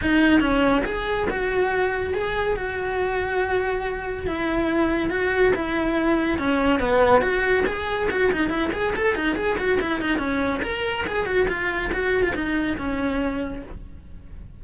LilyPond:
\new Staff \with { instrumentName = "cello" } { \time 4/4 \tempo 4 = 141 dis'4 cis'4 gis'4 fis'4~ | fis'4 gis'4 fis'2~ | fis'2 e'2 | fis'4 e'2 cis'4 |
b4 fis'4 gis'4 fis'8 dis'8 | e'8 gis'8 a'8 dis'8 gis'8 fis'8 e'8 dis'8 | cis'4 ais'4 gis'8 fis'8 f'4 | fis'8. f'16 dis'4 cis'2 | }